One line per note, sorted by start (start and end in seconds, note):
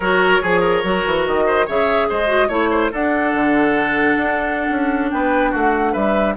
0.00 0.40 F#3
0.00 0.43 F#4
0.00 0.41 A#4
0.00 1.21 C#5
0.41 0.83 F3
0.41 0.60 G#4
0.41 0.83 G#4
0.60 1.43 A#4
0.83 1.04 F#3
0.83 1.66 F#4
1.06 1.26 E3
1.26 1.68 D#3
1.26 1.67 D#5
1.46 1.66 C5
1.66 2.10 C#3
1.66 2.26 G#4
1.66 2.07 C#5
1.66 2.10 E5
2.09 2.49 G#3
2.09 2.48 C5
2.09 2.48 D#5
2.26 2.47 F#4
2.48 2.90 A3
2.48 2.91 E4
2.48 2.69 C#5
2.48 2.90 C#5
2.71 2.91 C5
2.91 6.36 D4
2.91 3.34 D4
2.91 5.10 A4
2.91 5.11 F#5
3.34 4.16 D3
4.16 4.69 D4
4.69 5.11 C#4
5.11 5.53 B3
5.11 5.51 B4
5.11 5.52 G5
5.51 5.95 A3
5.51 5.92 F#4
5.51 5.93 F#5
5.92 6.36 G3
5.92 6.34 B4
5.92 6.35 E5